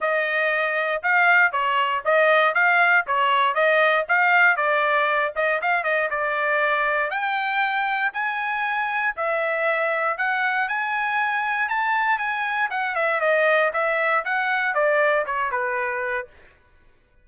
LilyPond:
\new Staff \with { instrumentName = "trumpet" } { \time 4/4 \tempo 4 = 118 dis''2 f''4 cis''4 | dis''4 f''4 cis''4 dis''4 | f''4 d''4. dis''8 f''8 dis''8 | d''2 g''2 |
gis''2 e''2 | fis''4 gis''2 a''4 | gis''4 fis''8 e''8 dis''4 e''4 | fis''4 d''4 cis''8 b'4. | }